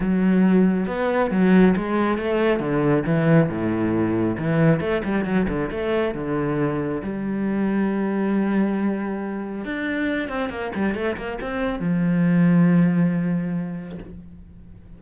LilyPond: \new Staff \with { instrumentName = "cello" } { \time 4/4 \tempo 4 = 137 fis2 b4 fis4 | gis4 a4 d4 e4 | a,2 e4 a8 g8 | fis8 d8 a4 d2 |
g1~ | g2 d'4. c'8 | ais8 g8 a8 ais8 c'4 f4~ | f1 | }